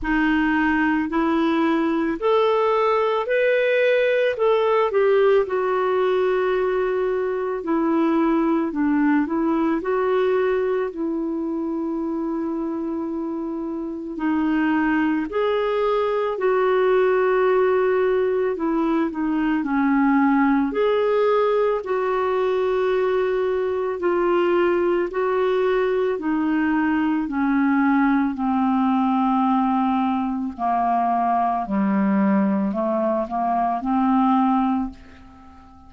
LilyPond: \new Staff \with { instrumentName = "clarinet" } { \time 4/4 \tempo 4 = 55 dis'4 e'4 a'4 b'4 | a'8 g'8 fis'2 e'4 | d'8 e'8 fis'4 e'2~ | e'4 dis'4 gis'4 fis'4~ |
fis'4 e'8 dis'8 cis'4 gis'4 | fis'2 f'4 fis'4 | dis'4 cis'4 c'2 | ais4 g4 a8 ais8 c'4 | }